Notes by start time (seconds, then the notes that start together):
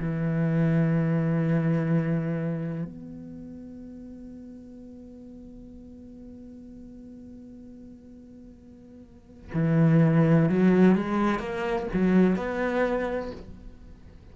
0.00 E3
2.84 B3
9.54 E3
10.49 F#3
10.96 G#3
11.39 A#3
11.94 F#3
12.36 B3